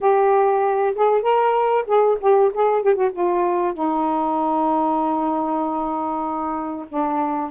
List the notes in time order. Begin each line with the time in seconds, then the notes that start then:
0.00 G4
0.95 G#4
1.22 A#4
1.86 G#4
2.20 G4
2.53 G#4
2.82 G4
2.94 F#4
3.12 F4
3.73 D#4
6.88 D4